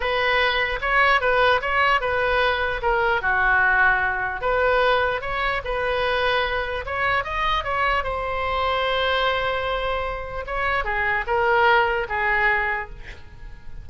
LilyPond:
\new Staff \with { instrumentName = "oboe" } { \time 4/4 \tempo 4 = 149 b'2 cis''4 b'4 | cis''4 b'2 ais'4 | fis'2. b'4~ | b'4 cis''4 b'2~ |
b'4 cis''4 dis''4 cis''4 | c''1~ | c''2 cis''4 gis'4 | ais'2 gis'2 | }